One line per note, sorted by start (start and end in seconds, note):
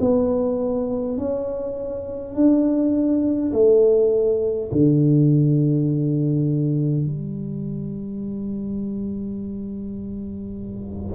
0.00 1.18 B3
1.18 2.34 C#4
2.34 3.52 D4
3.52 4.70 A3
4.72 7.06 D3
7.06 11.15 G3